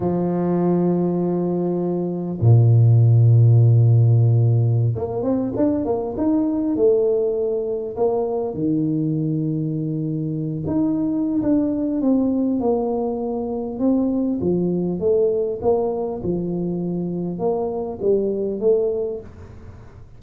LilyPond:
\new Staff \with { instrumentName = "tuba" } { \time 4/4 \tempo 4 = 100 f1 | ais,1~ | ais,16 ais8 c'8 d'8 ais8 dis'4 a8.~ | a4~ a16 ais4 dis4.~ dis16~ |
dis4.~ dis16 dis'4~ dis'16 d'4 | c'4 ais2 c'4 | f4 a4 ais4 f4~ | f4 ais4 g4 a4 | }